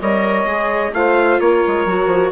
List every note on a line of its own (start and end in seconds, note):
0.00 0.46 G3
0.00 0.47 A#4
0.00 0.93 C#5
0.00 0.94 D#5
0.46 0.92 G#3
0.46 0.93 G#4
0.93 1.40 A3
0.93 1.88 F4
0.93 1.42 C5
0.93 1.40 F5
1.40 1.64 A#3
1.40 2.32 A#4
1.40 2.32 C#5
1.68 1.86 G#3
1.86 2.06 F#3
1.86 2.32 F#4
2.06 2.30 F3